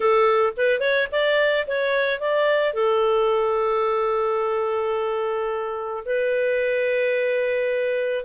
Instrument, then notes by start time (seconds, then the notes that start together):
clarinet
0.00 A4
0.56 B4
0.80 C#5
1.11 D5
1.67 C#5
2.19 D5
2.73 A4
6.05 B4